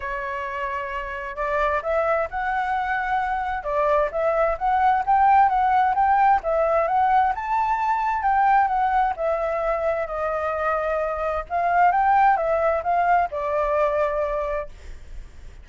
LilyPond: \new Staff \with { instrumentName = "flute" } { \time 4/4 \tempo 4 = 131 cis''2. d''4 | e''4 fis''2. | d''4 e''4 fis''4 g''4 | fis''4 g''4 e''4 fis''4 |
a''2 g''4 fis''4 | e''2 dis''2~ | dis''4 f''4 g''4 e''4 | f''4 d''2. | }